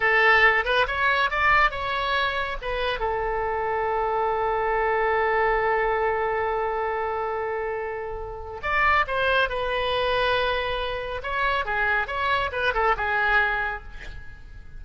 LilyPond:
\new Staff \with { instrumentName = "oboe" } { \time 4/4 \tempo 4 = 139 a'4. b'8 cis''4 d''4 | cis''2 b'4 a'4~ | a'1~ | a'1~ |
a'1 | d''4 c''4 b'2~ | b'2 cis''4 gis'4 | cis''4 b'8 a'8 gis'2 | }